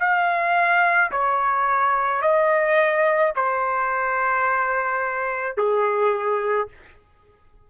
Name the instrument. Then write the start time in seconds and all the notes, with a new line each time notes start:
trumpet
0.00 F5
1.12 C#5
2.22 D#5
3.36 C5
5.57 G#4